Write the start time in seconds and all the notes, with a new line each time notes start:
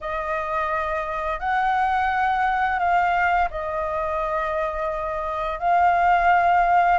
0.00 D#5
1.39 F#5
2.79 F5
3.50 D#5
5.59 F5